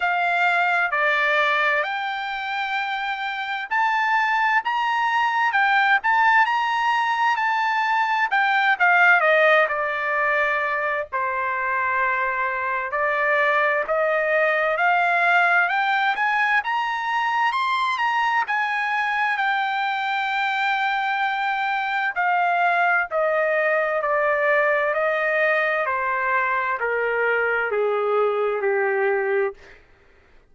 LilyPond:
\new Staff \with { instrumentName = "trumpet" } { \time 4/4 \tempo 4 = 65 f''4 d''4 g''2 | a''4 ais''4 g''8 a''8 ais''4 | a''4 g''8 f''8 dis''8 d''4. | c''2 d''4 dis''4 |
f''4 g''8 gis''8 ais''4 c'''8 ais''8 | gis''4 g''2. | f''4 dis''4 d''4 dis''4 | c''4 ais'4 gis'4 g'4 | }